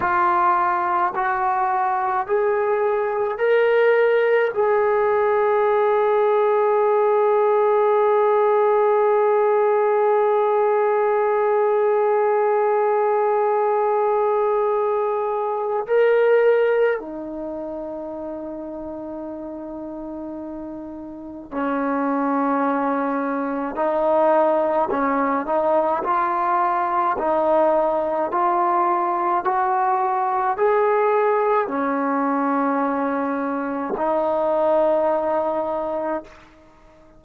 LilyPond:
\new Staff \with { instrumentName = "trombone" } { \time 4/4 \tempo 4 = 53 f'4 fis'4 gis'4 ais'4 | gis'1~ | gis'1~ | gis'2 ais'4 dis'4~ |
dis'2. cis'4~ | cis'4 dis'4 cis'8 dis'8 f'4 | dis'4 f'4 fis'4 gis'4 | cis'2 dis'2 | }